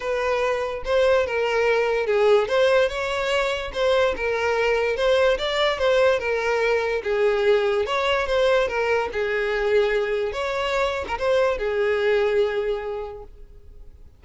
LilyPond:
\new Staff \with { instrumentName = "violin" } { \time 4/4 \tempo 4 = 145 b'2 c''4 ais'4~ | ais'4 gis'4 c''4 cis''4~ | cis''4 c''4 ais'2 | c''4 d''4 c''4 ais'4~ |
ais'4 gis'2 cis''4 | c''4 ais'4 gis'2~ | gis'4 cis''4.~ cis''16 ais'16 c''4 | gis'1 | }